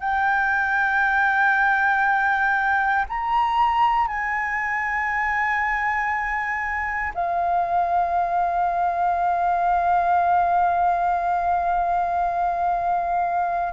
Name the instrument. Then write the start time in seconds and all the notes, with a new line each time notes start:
flute
0.00 G5
3.09 A#5
4.08 G#5
7.14 F5